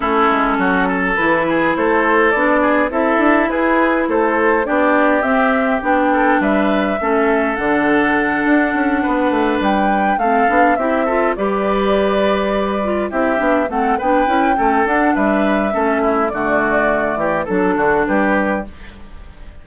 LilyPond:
<<
  \new Staff \with { instrumentName = "flute" } { \time 4/4 \tempo 4 = 103 a'2 b'4 c''4 | d''4 e''4 b'4 c''4 | d''4 e''4 g''4 e''4~ | e''4 fis''2.~ |
fis''8 g''4 f''4 e''4 d''8~ | d''2~ d''8 e''4 fis''8 | g''4. fis''8 e''2 | d''2 a'4 b'4 | }
  \new Staff \with { instrumentName = "oboe" } { \time 4/4 e'4 fis'8 a'4 gis'8 a'4~ | a'8 gis'8 a'4 gis'4 a'4 | g'2~ g'8 a'8 b'4 | a'2.~ a'8 b'8~ |
b'4. a'4 g'8 a'8 b'8~ | b'2~ b'8 g'4 a'8 | b'4 a'4 b'4 a'8 e'8 | fis'4. g'8 a'8 fis'8 g'4 | }
  \new Staff \with { instrumentName = "clarinet" } { \time 4/4 cis'2 e'2 | d'4 e'2. | d'4 c'4 d'2 | cis'4 d'2.~ |
d'4. c'8 d'8 e'8 f'8 g'8~ | g'2 f'8 e'8 d'8 c'8 | d'8 e'8 cis'8 d'4. cis'4 | a2 d'2 | }
  \new Staff \with { instrumentName = "bassoon" } { \time 4/4 a8 gis8 fis4 e4 a4 | b4 c'8 d'8 e'4 a4 | b4 c'4 b4 g4 | a4 d4. d'8 cis'8 b8 |
a8 g4 a8 b8 c'4 g8~ | g2~ g8 c'8 b8 a8 | b8 cis'8 a8 d'8 g4 a4 | d4. e8 fis8 d8 g4 | }
>>